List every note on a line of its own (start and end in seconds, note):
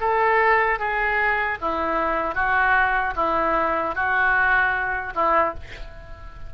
0.00 0.79 A4
0.79 1.58 G#4
1.61 2.35 E4
2.35 3.14 F#4
3.16 3.95 E4
3.95 5.13 F#4
5.15 5.54 E4